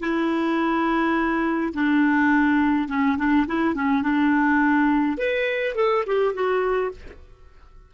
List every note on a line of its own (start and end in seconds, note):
0.00 1.73 E4
1.73 2.88 D4
2.88 3.17 C#4
3.17 3.46 D4
3.47 3.74 E4
3.74 4.02 C#4
4.02 5.18 D4
5.18 5.75 B4
5.75 6.04 A4
6.06 6.34 G4
6.34 6.91 F#4